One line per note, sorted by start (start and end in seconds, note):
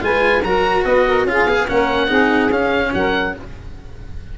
0.00 0.43 G#3
0.00 0.42 F4
0.00 0.45 B4
0.00 0.44 G#5
0.43 0.85 F#3
0.43 1.28 F#4
0.43 0.86 A#4
0.43 0.85 A#5
0.85 1.24 B3
0.85 1.07 B4
0.85 1.26 D#5
1.08 1.29 A#4
1.24 1.45 C#4
1.24 1.48 F4
1.24 1.69 G#4
1.24 1.68 F5
1.46 1.67 B3
1.46 1.68 G#4
1.68 2.10 A#3
1.68 2.08 C#4
1.68 2.08 A#4
1.68 2.52 F#5
2.08 2.50 C4
2.08 2.49 D#4
2.08 2.92 G#4
2.50 2.92 C#4
2.50 3.35 C#4
2.50 2.93 F5
2.94 3.36 F#3
2.94 3.39 A#4
2.94 3.36 F#5